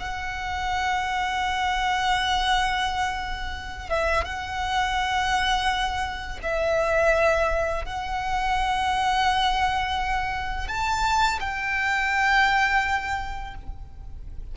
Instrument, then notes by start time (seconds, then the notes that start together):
violin
0.00 F#5
3.90 E5
4.25 F#5
6.43 E5
7.85 F#5
10.68 A5
11.41 G5